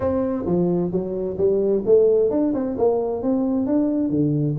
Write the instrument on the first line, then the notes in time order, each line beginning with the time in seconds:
tuba
0.00 C4
0.46 F3
0.91 F#3
1.37 G3
1.85 A3
2.30 D4
2.54 C4
2.77 A#3
3.22 C4
3.66 D4
4.09 D3